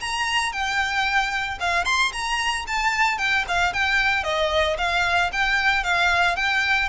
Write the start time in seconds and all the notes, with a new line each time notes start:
0.00 A#5
0.52 G5
1.60 F5
1.85 C6
2.12 A#5
2.67 A5
3.18 G5
3.48 F5
3.73 G5
4.23 D#5
4.77 F5
5.32 G5
5.83 F5
6.36 G5